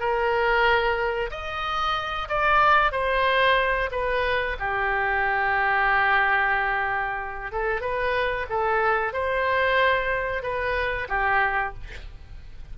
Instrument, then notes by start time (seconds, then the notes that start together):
oboe
0.00 A#4
1.31 D#5
2.29 D5
2.92 C5
3.92 B4
4.60 G4
7.52 A4
7.81 B4
8.50 A4
9.13 C5
10.43 B4
11.09 G4